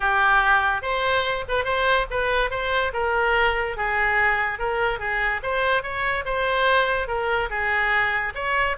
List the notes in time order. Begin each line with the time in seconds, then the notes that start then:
0.00 G4
0.82 C5
1.48 B4
1.64 C5
2.10 B4
2.50 C5
2.93 A#4
3.76 G#4
4.59 A#4
4.99 G#4
5.42 C5
5.82 C#5
6.25 C5
7.07 A#4
7.50 G#4
8.34 C#5